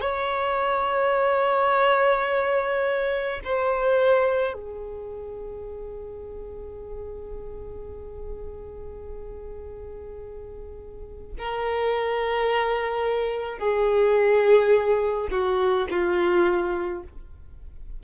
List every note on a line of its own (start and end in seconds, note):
0.00 3.40 C#5
3.44 4.53 C5
4.53 11.33 G#4
11.38 13.58 A#4
13.58 15.28 G#4
15.30 15.87 F#4
15.90 17.03 F4